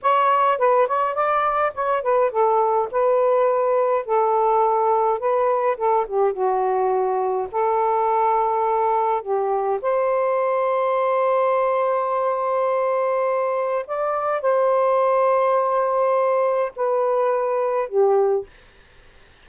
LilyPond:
\new Staff \with { instrumentName = "saxophone" } { \time 4/4 \tempo 4 = 104 cis''4 b'8 cis''8 d''4 cis''8 b'8 | a'4 b'2 a'4~ | a'4 b'4 a'8 g'8 fis'4~ | fis'4 a'2. |
g'4 c''2.~ | c''1 | d''4 c''2.~ | c''4 b'2 g'4 | }